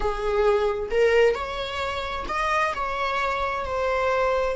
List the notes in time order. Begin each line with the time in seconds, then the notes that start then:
0.00 G#4
0.90 A#4
1.34 C#5
2.28 D#5
2.74 C#5
3.65 C5